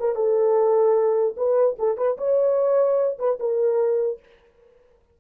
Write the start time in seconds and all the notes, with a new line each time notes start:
0.00 A#4
0.16 A4
1.37 B4
1.79 A4
1.97 B4
2.18 C#5
3.19 B4
3.40 A#4